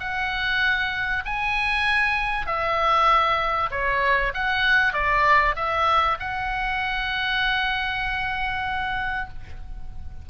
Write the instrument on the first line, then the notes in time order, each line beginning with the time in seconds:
oboe
0.00 F#5
1.25 G#5
2.46 E5
3.71 C#5
4.34 F#5
4.93 D5
5.56 E5
6.20 F#5